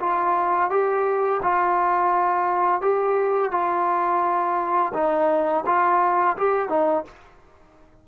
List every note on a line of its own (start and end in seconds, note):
0.00 0.70 F4
0.70 1.41 G4
1.43 2.82 F4
2.82 3.52 G4
3.52 4.93 F4
4.94 5.65 D#4
5.66 6.37 F4
6.37 6.69 G4
6.69 7.05 D#4